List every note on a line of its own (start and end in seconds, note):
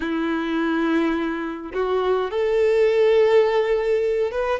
0.00 1.72 E4
1.73 2.30 F#4
2.30 4.31 A4
4.31 4.59 B4